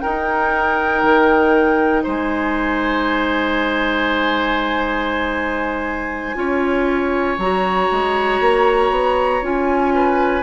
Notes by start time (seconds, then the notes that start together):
0.00 D#4 A#4 G5
1.04 D#3
2.04 G#3 C5 G#5
6.35 C#4 F4 C#5
7.38 F#3 F#4 A#5
7.92 G#3
8.41 A#3
8.91 B3
9.42 C#4 F4 G#5
9.95 B4